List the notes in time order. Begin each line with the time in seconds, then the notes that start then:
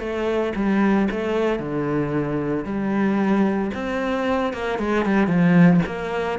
0.00 A3
0.56 G3
1.11 A3
1.60 D3
2.65 G3
3.75 C4
4.53 A#3
4.79 G#3
5.05 G3
5.28 F3
5.86 A#3